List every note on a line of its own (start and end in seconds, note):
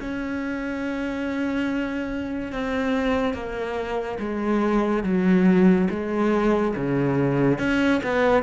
0.00 2.53 C#4
2.53 3.34 C4
3.34 4.18 A#3
4.19 5.04 G#3
5.04 5.88 F#3
5.90 6.75 G#3
6.76 7.59 C#3
7.59 8.01 C#4
8.04 8.43 B3